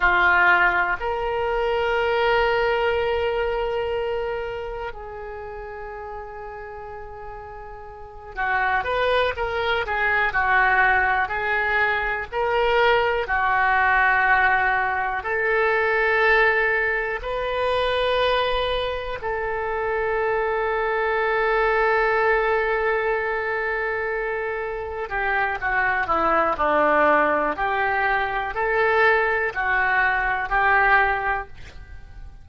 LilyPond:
\new Staff \with { instrumentName = "oboe" } { \time 4/4 \tempo 4 = 61 f'4 ais'2.~ | ais'4 gis'2.~ | gis'8 fis'8 b'8 ais'8 gis'8 fis'4 gis'8~ | gis'8 ais'4 fis'2 a'8~ |
a'4. b'2 a'8~ | a'1~ | a'4. g'8 fis'8 e'8 d'4 | g'4 a'4 fis'4 g'4 | }